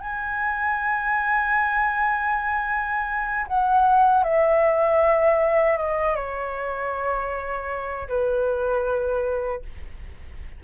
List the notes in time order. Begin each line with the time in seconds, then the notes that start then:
0.00 G#5
3.47 F#5
4.23 E5
5.77 D#5
6.15 C#5
8.08 B4